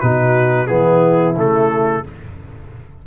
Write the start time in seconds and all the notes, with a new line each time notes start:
0.00 B2 D#4 F#4 B4
0.67 E3 B3 E4 G#4
1.36 C#3 A3 A4